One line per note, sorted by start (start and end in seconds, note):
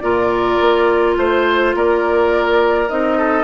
0.00 0.59 A#2
0.00 2.87 F4
0.00 1.17 A#4
0.00 1.14 D5
0.60 1.17 A#3
1.17 1.74 A3
1.17 1.75 C5
1.17 1.76 C5
1.75 2.89 A#3
1.75 3.18 A#4
1.75 2.89 D5
2.89 3.44 C4
2.89 3.44 D#4
2.89 3.44 D#5
3.18 3.44 A4